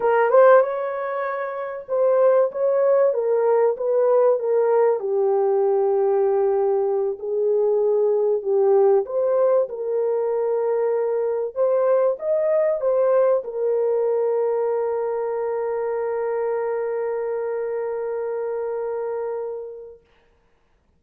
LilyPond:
\new Staff \with { instrumentName = "horn" } { \time 4/4 \tempo 4 = 96 ais'8 c''8 cis''2 c''4 | cis''4 ais'4 b'4 ais'4 | g'2.~ g'8 gis'8~ | gis'4. g'4 c''4 ais'8~ |
ais'2~ ais'8 c''4 dis''8~ | dis''8 c''4 ais'2~ ais'8~ | ais'1~ | ais'1 | }